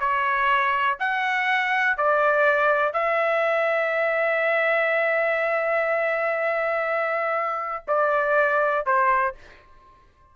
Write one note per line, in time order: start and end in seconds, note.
0.00 0.98 C#5
1.00 1.98 F#5
1.98 2.94 D5
2.94 7.86 E5
7.88 8.86 D5
8.86 9.36 C5